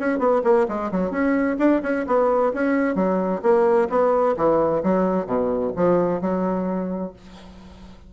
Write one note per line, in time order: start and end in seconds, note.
0.00 0.19 C#4
0.19 0.42 B3
0.44 0.67 A#3
0.68 0.91 G#3
0.92 1.11 F#3
1.11 1.57 C#4
1.59 1.82 D4
1.83 2.06 C#4
2.07 2.53 B3
2.54 2.96 C#4
2.96 3.42 F#3
3.42 3.89 A#3
3.90 4.36 B3
4.37 4.83 E3
4.83 5.26 F#3
5.26 5.73 B2
5.76 6.21 F3
6.21 7.13 F#3